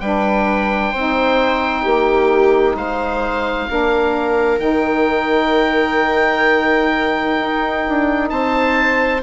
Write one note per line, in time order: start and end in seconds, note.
0.00 0.93 G3
0.00 0.94 D4
0.00 0.91 B4
0.00 2.77 G5
0.91 1.86 C4
0.91 3.69 D#4
0.91 1.83 C5
1.83 2.75 A#3
1.83 2.75 G4
2.75 3.68 G#3
2.75 3.68 C5
2.75 4.60 F5
3.69 4.59 A#3
3.69 4.59 D4
3.69 8.31 A#4
4.59 7.36 D#3
4.59 9.20 D#4
4.59 8.29 G5
7.41 7.87 D#4
7.89 8.31 D4
8.30 9.23 C4
8.30 9.23 C5
8.30 9.22 A5